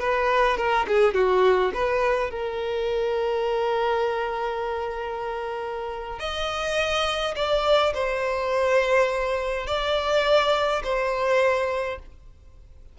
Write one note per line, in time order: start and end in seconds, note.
0.00 0.57 B4
0.57 0.86 A#4
0.88 1.14 G#4
1.14 1.72 F#4
1.74 2.31 B4
2.31 6.20 A#4
6.20 7.35 D#5
7.36 7.94 D5
7.94 9.67 C5
9.67 10.83 D5
10.84 11.99 C5